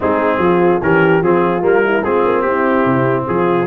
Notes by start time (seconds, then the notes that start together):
0.00 G#3 C4 D#4 G#4
0.38 F3 F4
0.81 E3 C#4 G4 A#4
1.22 F3 C4 F4 G#4
1.61 G3 A#3 A#4
1.84 E4
2.03 G#3 C4 F4 G#4
2.25 A#3
2.42 C4 E4 G4
2.85 C3
3.27 F3 F4 G#4